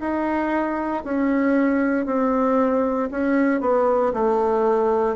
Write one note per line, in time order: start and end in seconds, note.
0.00 1.03 D#4
1.04 2.06 C#4
2.06 3.09 C4
3.11 3.61 C#4
3.61 4.12 B3
4.14 5.16 A3